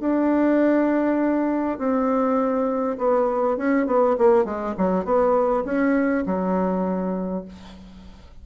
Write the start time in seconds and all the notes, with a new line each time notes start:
0.00 D4
1.78 C4
2.98 B3
3.57 C#4
3.87 B3
4.18 A#3
4.45 G#3
4.77 F#3
5.05 B3
5.65 C#4
6.26 F#3